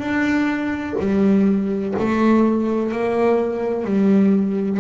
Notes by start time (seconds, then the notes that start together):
0.00 D4
1.00 G3
2.00 A3
2.93 A#3
3.85 G3